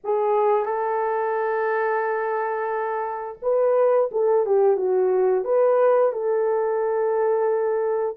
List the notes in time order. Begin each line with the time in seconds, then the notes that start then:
0.03 G#4
0.65 A4
3.42 B4
4.11 A4
4.45 G4
4.76 F#4
5.44 B4
6.12 A4